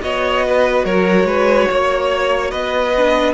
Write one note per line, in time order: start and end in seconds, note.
0.00 0.84 B3
0.00 2.92 F#4
0.00 0.46 C#5
0.00 0.85 D#5
0.46 0.85 B4
0.84 1.24 F#3
0.84 1.26 A#4
0.84 2.51 C#5
1.24 1.65 G#3
1.24 1.68 B4
1.69 2.52 A#3
1.69 2.50 C#5
2.50 3.34 B3
2.50 3.33 B4
2.50 3.34 D#5
2.97 3.34 D4